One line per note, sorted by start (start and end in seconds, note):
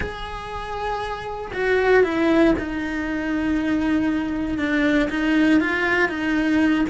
0.00 1.52 G#4
1.53 2.03 F#4
2.03 2.54 E4
2.58 4.58 D#4
4.58 5.08 D4
5.09 5.60 D#4
5.60 6.09 F4
6.09 6.85 D#4